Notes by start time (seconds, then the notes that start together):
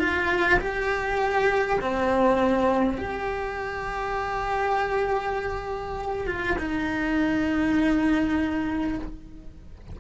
0.00 F4
0.60 G4
1.82 C4
2.98 G4
6.27 F4
6.59 D#4